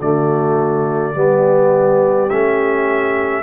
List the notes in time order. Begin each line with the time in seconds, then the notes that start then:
0.00 D3 A3 F#4 D5
1.14 G3 B3 G4
2.30 A3 C#4 E5